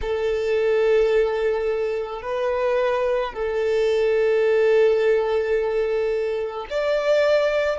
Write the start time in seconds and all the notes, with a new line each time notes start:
0.01 A4
2.22 B4
3.33 A4
6.69 D5